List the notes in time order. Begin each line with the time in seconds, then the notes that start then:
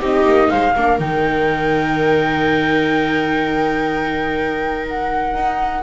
0.00 C4 D#4 G4 D#5
0.25 A#3
0.50 G#3 C5 F5
0.76 A#3 D4 A#4
0.99 D#3 D#4 G5
4.87 F#5
5.34 D#4